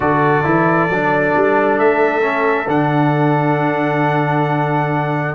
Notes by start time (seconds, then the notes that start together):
0.00 D3 F#4 A4 D5
0.44 E3 E4
0.89 F#3 D4
1.35 G3
1.78 A3 E5
2.21 C#4
2.67 D3 D4 F#5